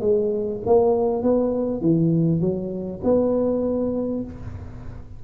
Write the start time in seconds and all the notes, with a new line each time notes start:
0.00 G#3
0.66 A#3
1.22 B3
1.81 E3
2.41 F#3
3.03 B3